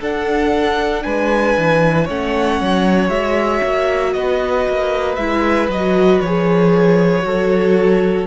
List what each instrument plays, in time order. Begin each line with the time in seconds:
0.00 cello D4, viola D4, violin A4 F#5
1.03 cello G#3, violin B4 G#5
1.57 cello E3
2.04 cello A3, viola C#4, violin C#5 F#5
2.60 cello F#3
3.09 cello G#3, viola F#4, violin E5
3.63 cello A#3
4.12 cello B3, violin B4 D#5
4.68 cello A#3
5.15 cello G#3, viola E4, violin E5
5.68 cello F#3, violin D#5
5.74 viola F#4
6.20 cello F3, viola G#4, violin C#5
7.21 cello F#3, viola F#4, violin A4